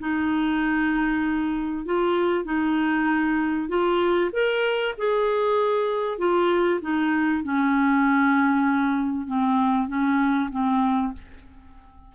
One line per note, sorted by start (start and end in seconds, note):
0.00 1.86 D#4
1.86 2.45 F4
2.45 3.69 D#4
3.69 4.31 F4
4.33 4.95 A#4
4.98 6.19 G#4
6.19 6.80 F4
6.82 7.44 D#4
7.44 9.28 C#4
9.28 9.88 C4
9.88 10.50 C#4
10.51 11.13 C4